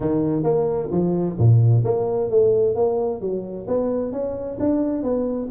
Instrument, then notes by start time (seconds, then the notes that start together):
tuba
0.00 D#3
0.43 A#3
0.91 F3
1.38 A#2
1.84 A#3
2.30 A3
2.75 A#3
3.20 F#3
3.67 B3
4.12 C#4
4.59 D4
5.03 B3